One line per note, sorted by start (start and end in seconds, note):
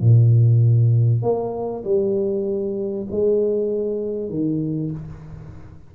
0.00 1.22 A#2
1.22 1.83 A#3
1.83 3.06 G3
3.11 4.29 G#3
4.29 4.90 D#3